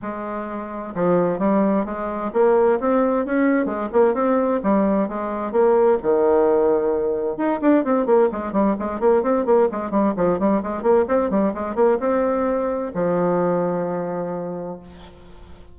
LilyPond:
\new Staff \with { instrumentName = "bassoon" } { \time 4/4 \tempo 4 = 130 gis2 f4 g4 | gis4 ais4 c'4 cis'4 | gis8 ais8 c'4 g4 gis4 | ais4 dis2. |
dis'8 d'8 c'8 ais8 gis8 g8 gis8 ais8 | c'8 ais8 gis8 g8 f8 g8 gis8 ais8 | c'8 g8 gis8 ais8 c'2 | f1 | }